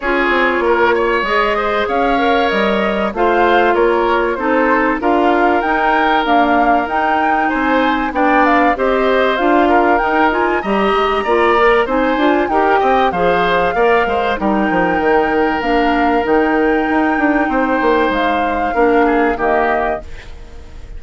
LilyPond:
<<
  \new Staff \with { instrumentName = "flute" } { \time 4/4 \tempo 4 = 96 cis''2 dis''4 f''4 | dis''4 f''4 cis''4 c''4 | f''4 g''4 f''4 g''4 | gis''4 g''8 f''8 dis''4 f''4 |
g''8 gis''8 ais''2 gis''4 | g''4 f''2 g''4~ | g''4 f''4 g''2~ | g''4 f''2 dis''4 | }
  \new Staff \with { instrumentName = "oboe" } { \time 4/4 gis'4 ais'8 cis''4 c''8 cis''4~ | cis''4 c''4 ais'4 a'4 | ais'1 | c''4 d''4 c''4. ais'8~ |
ais'4 dis''4 d''4 c''4 | ais'8 dis''8 c''4 d''8 c''8 ais'4~ | ais'1 | c''2 ais'8 gis'8 g'4 | }
  \new Staff \with { instrumentName = "clarinet" } { \time 4/4 f'2 gis'4. ais'8~ | ais'4 f'2 dis'4 | f'4 dis'4 ais4 dis'4~ | dis'4 d'4 g'4 f'4 |
dis'8 f'8 g'4 f'8 ais'8 dis'8 f'8 | g'4 gis'4 ais'4 dis'4~ | dis'4 d'4 dis'2~ | dis'2 d'4 ais4 | }
  \new Staff \with { instrumentName = "bassoon" } { \time 4/4 cis'8 c'8 ais4 gis4 cis'4 | g4 a4 ais4 c'4 | d'4 dis'4 d'4 dis'4 | c'4 b4 c'4 d'4 |
dis'4 g8 gis8 ais4 c'8 d'8 | dis'8 c'8 f4 ais8 gis8 g8 f8 | dis4 ais4 dis4 dis'8 d'8 | c'8 ais8 gis4 ais4 dis4 | }
>>